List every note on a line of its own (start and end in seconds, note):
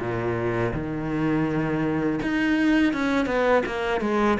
0.00 0.73 A#2
0.74 2.20 D#3
2.23 2.93 D#4
2.93 3.26 C#4
3.26 3.63 B3
3.66 4.01 A#3
4.01 4.38 G#3